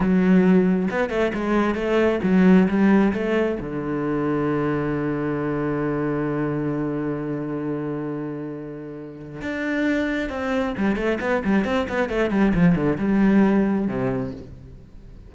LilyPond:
\new Staff \with { instrumentName = "cello" } { \time 4/4 \tempo 4 = 134 fis2 b8 a8 gis4 | a4 fis4 g4 a4 | d1~ | d1~ |
d1~ | d4 d'2 c'4 | g8 a8 b8 g8 c'8 b8 a8 g8 | f8 d8 g2 c4 | }